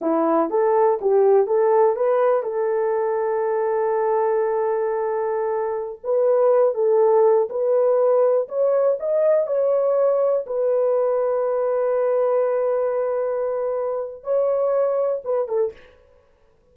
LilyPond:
\new Staff \with { instrumentName = "horn" } { \time 4/4 \tempo 4 = 122 e'4 a'4 g'4 a'4 | b'4 a'2.~ | a'1~ | a'16 b'4. a'4. b'8.~ |
b'4~ b'16 cis''4 dis''4 cis''8.~ | cis''4~ cis''16 b'2~ b'8.~ | b'1~ | b'4 cis''2 b'8 a'8 | }